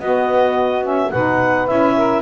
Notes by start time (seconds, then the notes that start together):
0.00 B3 F#4 D#5
0.83 C#4 E5
1.11 B2 D#4 B4 F#5
1.67 C#4 E4 E5
1.96 A#4